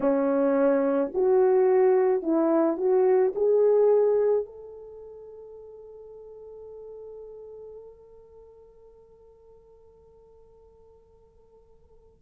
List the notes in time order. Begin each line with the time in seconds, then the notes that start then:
0.00 C#4
1.14 F#4
2.22 E4
2.77 F#4
3.35 G#4
4.45 A4